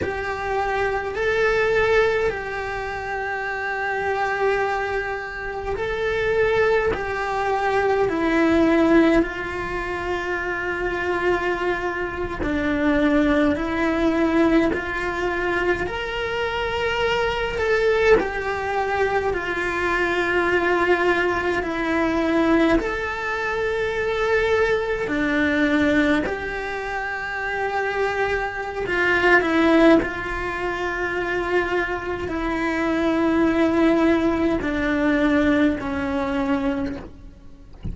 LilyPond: \new Staff \with { instrumentName = "cello" } { \time 4/4 \tempo 4 = 52 g'4 a'4 g'2~ | g'4 a'4 g'4 e'4 | f'2~ f'8. d'4 e'16~ | e'8. f'4 ais'4. a'8 g'16~ |
g'8. f'2 e'4 a'16~ | a'4.~ a'16 d'4 g'4~ g'16~ | g'4 f'8 e'8 f'2 | e'2 d'4 cis'4 | }